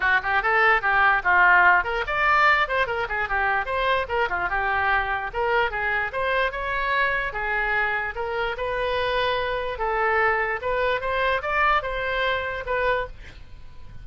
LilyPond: \new Staff \with { instrumentName = "oboe" } { \time 4/4 \tempo 4 = 147 fis'8 g'8 a'4 g'4 f'4~ | f'8 ais'8 d''4. c''8 ais'8 gis'8 | g'4 c''4 ais'8 f'8 g'4~ | g'4 ais'4 gis'4 c''4 |
cis''2 gis'2 | ais'4 b'2. | a'2 b'4 c''4 | d''4 c''2 b'4 | }